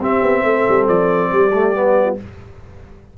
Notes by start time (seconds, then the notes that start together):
0.00 C4 G4 E5
0.22 B3
0.44 A3 A4
0.68 G3
0.88 F3 D5
1.32 G3 G4
1.53 A3
1.74 B3
2.05 F4